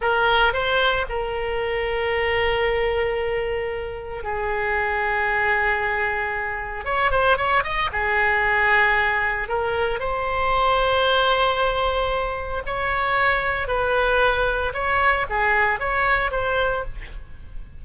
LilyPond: \new Staff \with { instrumentName = "oboe" } { \time 4/4 \tempo 4 = 114 ais'4 c''4 ais'2~ | ais'1 | gis'1~ | gis'4 cis''8 c''8 cis''8 dis''8 gis'4~ |
gis'2 ais'4 c''4~ | c''1 | cis''2 b'2 | cis''4 gis'4 cis''4 c''4 | }